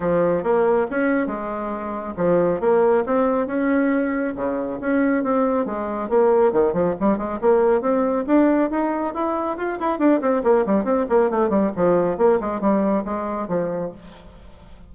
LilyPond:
\new Staff \with { instrumentName = "bassoon" } { \time 4/4 \tempo 4 = 138 f4 ais4 cis'4 gis4~ | gis4 f4 ais4 c'4 | cis'2 cis4 cis'4 | c'4 gis4 ais4 dis8 f8 |
g8 gis8 ais4 c'4 d'4 | dis'4 e'4 f'8 e'8 d'8 c'8 | ais8 g8 c'8 ais8 a8 g8 f4 | ais8 gis8 g4 gis4 f4 | }